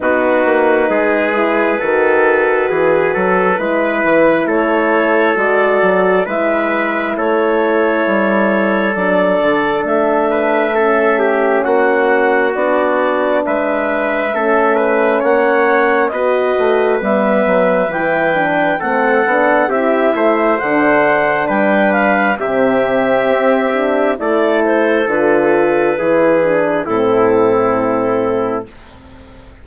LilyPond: <<
  \new Staff \with { instrumentName = "clarinet" } { \time 4/4 \tempo 4 = 67 b'1~ | b'4 cis''4 d''4 e''4 | cis''2 d''4 e''4~ | e''4 fis''4 d''4 e''4~ |
e''4 fis''4 dis''4 e''4 | g''4 fis''4 e''4 fis''4 | g''8 f''8 e''2 d''8 c''8 | b'2 a'2 | }
  \new Staff \with { instrumentName = "trumpet" } { \time 4/4 fis'4 gis'4 a'4 gis'8 a'8 | b'4 a'2 b'4 | a'2.~ a'8 b'8 | a'8 g'8 fis'2 b'4 |
a'8 b'8 cis''4 b'2~ | b'4 a'4 g'8 c''4. | b'4 g'2 a'4~ | a'4 gis'4 e'2 | }
  \new Staff \with { instrumentName = "horn" } { \time 4/4 dis'4. e'8 fis'2 | e'2 fis'4 e'4~ | e'2 d'2 | cis'2 d'2 |
cis'2 fis'4 b4 | e'8 d'8 c'8 d'8 e'4 d'4~ | d'4 c'4. d'8 e'4 | f'4 e'8 d'8 c'2 | }
  \new Staff \with { instrumentName = "bassoon" } { \time 4/4 b8 ais8 gis4 dis4 e8 fis8 | gis8 e8 a4 gis8 fis8 gis4 | a4 g4 fis8 d8 a4~ | a4 ais4 b4 gis4 |
a4 ais4 b8 a8 g8 fis8 | e4 a8 b8 c'8 a8 d4 | g4 c4 c'4 a4 | d4 e4 a,2 | }
>>